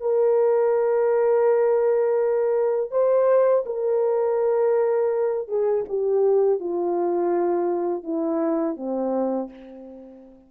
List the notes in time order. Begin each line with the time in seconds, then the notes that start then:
0.00 A#4
2.91 C5
3.66 A#4
5.48 G#4
5.88 G4
6.60 F4
8.03 E4
8.76 C4